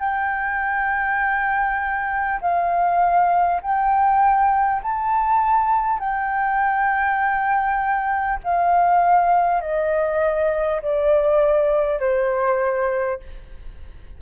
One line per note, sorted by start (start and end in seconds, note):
0.00 2.40 G5
2.41 3.61 F5
3.62 4.82 G5
4.82 5.99 A5
5.99 8.39 G5
8.44 9.61 F5
9.61 10.81 D#5
10.82 12.00 D5
12.00 13.20 C5